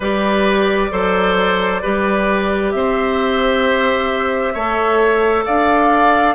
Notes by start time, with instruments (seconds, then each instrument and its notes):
0.00 bassoon G3, clarinet G4, oboe B4, flute D5
0.91 bassoon F#3, clarinet A4, oboe C5
1.82 bassoon G3, clarinet G4, oboe B4
2.71 bassoon C4, oboe C5, flute E5
4.53 bassoon A3, clarinet A4, oboe C#5
5.45 bassoon D4, oboe D5, flute F5